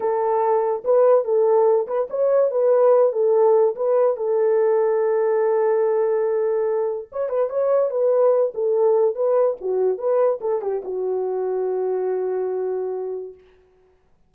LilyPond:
\new Staff \with { instrumentName = "horn" } { \time 4/4 \tempo 4 = 144 a'2 b'4 a'4~ | a'8 b'8 cis''4 b'4. a'8~ | a'4 b'4 a'2~ | a'1~ |
a'4 cis''8 b'8 cis''4 b'4~ | b'8 a'4. b'4 fis'4 | b'4 a'8 g'8 fis'2~ | fis'1 | }